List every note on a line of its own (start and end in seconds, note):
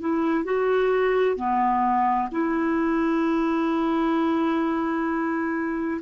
0.00 0.44 E4
0.44 1.37 F#4
1.37 2.29 B3
2.32 6.01 E4